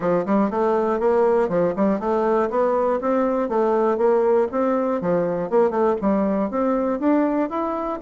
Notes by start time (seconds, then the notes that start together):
0.00 F3
0.25 G3
0.50 A3
0.99 A#3
1.49 F3
1.76 G3
1.99 A3
2.50 B3
3.00 C4
3.49 A3
3.97 A#3
4.51 C4
5.01 F3
5.50 A#3
5.70 A3
6.01 G3
6.50 C4
6.99 D4
7.49 E4